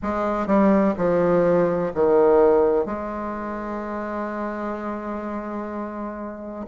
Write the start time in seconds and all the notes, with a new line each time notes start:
0.02 G#3
0.46 G3
0.97 F3
1.94 D#3
2.85 G#3